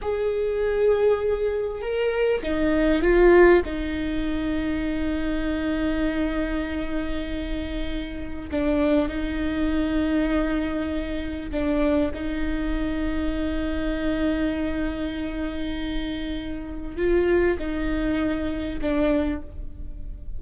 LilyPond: \new Staff \with { instrumentName = "viola" } { \time 4/4 \tempo 4 = 99 gis'2. ais'4 | dis'4 f'4 dis'2~ | dis'1~ | dis'2 d'4 dis'4~ |
dis'2. d'4 | dis'1~ | dis'1 | f'4 dis'2 d'4 | }